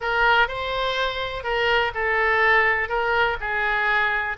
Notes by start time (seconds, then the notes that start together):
0.00 A#4
0.48 C5
1.43 A#4
1.94 A4
2.88 A#4
3.40 G#4